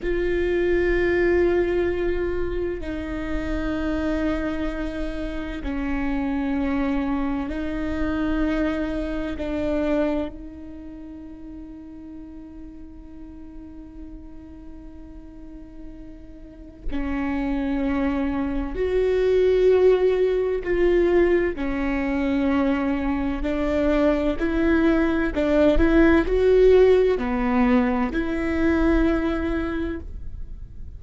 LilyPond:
\new Staff \with { instrumentName = "viola" } { \time 4/4 \tempo 4 = 64 f'2. dis'4~ | dis'2 cis'2 | dis'2 d'4 dis'4~ | dis'1~ |
dis'2 cis'2 | fis'2 f'4 cis'4~ | cis'4 d'4 e'4 d'8 e'8 | fis'4 b4 e'2 | }